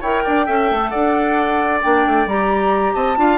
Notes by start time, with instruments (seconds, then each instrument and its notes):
0.00 bassoon E4, clarinet A#4, oboe C#5, flute G5
0.24 bassoon D4, oboe D5
0.46 bassoon C#4, clarinet A4, oboe E5
0.70 bassoon A3
0.88 bassoon D4, oboe D5, flute F#5
1.81 bassoon A#3, clarinet D4, flute G5
2.06 bassoon A3
2.26 bassoon G3, clarinet G4, flute A#5
2.94 bassoon C4, oboe D#5, flute A5
3.17 bassoon D4, clarinet F4, oboe F5